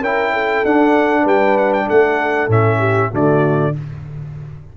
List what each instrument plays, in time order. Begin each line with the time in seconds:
0.00 tuba C#4, trombone E4, horn A#4, trumpet G5
0.33 horn A4
0.64 tuba D4, trombone D4, trumpet F#5
1.22 tuba G3, horn B4, trumpet G5
1.57 trumpet F#5
1.73 trumpet G5
1.86 tuba A3, horn A4, trumpet F#5
2.48 tuba A2, trombone C#4, trumpet E5
2.78 horn G4
3.10 tuba D3, trombone A3, horn F#4, trumpet D5